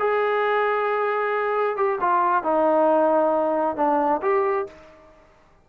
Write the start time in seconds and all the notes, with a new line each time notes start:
0.00 G#4
1.77 G4
2.01 F4
2.44 D#4
3.77 D4
4.23 G4